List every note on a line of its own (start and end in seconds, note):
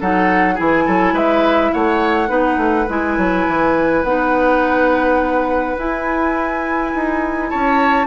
0.00 0.59 F#3
0.00 0.56 D#4
0.00 0.54 A4
0.00 0.58 F#5
0.54 0.87 E3
0.54 2.28 E4
0.54 0.83 G#4
0.54 1.17 G#5
0.86 1.13 F#3
0.86 1.13 A4
1.13 1.71 G#3
1.13 1.71 B4
1.13 1.73 E5
1.73 2.29 A3
1.73 2.29 C#5
1.73 2.88 F#5
2.28 2.57 B3
2.28 2.85 D#4
2.28 7.48 B4
2.57 2.86 A3
2.89 3.17 G#3
2.89 4.04 E4
2.89 4.03 G#5
3.17 3.46 F#3
3.48 4.03 E3
4.03 5.76 B3
4.03 5.77 D#4
4.03 5.77 F#5
5.77 8.06 E4
5.77 6.93 E4
5.77 7.50 G#5
6.94 7.52 D#4
7.50 8.06 C#4
7.50 8.06 C#5
7.50 8.06 A5